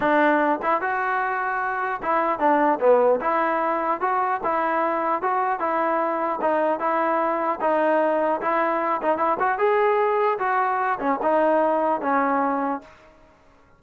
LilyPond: \new Staff \with { instrumentName = "trombone" } { \time 4/4 \tempo 4 = 150 d'4. e'8 fis'2~ | fis'4 e'4 d'4 b4 | e'2 fis'4 e'4~ | e'4 fis'4 e'2 |
dis'4 e'2 dis'4~ | dis'4 e'4. dis'8 e'8 fis'8 | gis'2 fis'4. cis'8 | dis'2 cis'2 | }